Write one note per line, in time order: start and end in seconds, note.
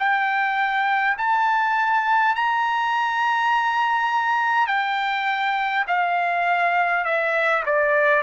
0.00 1.18 G5
1.18 2.36 A5
2.36 4.67 A#5
4.67 5.85 G5
5.88 7.05 F5
7.05 7.64 E5
7.66 8.23 D5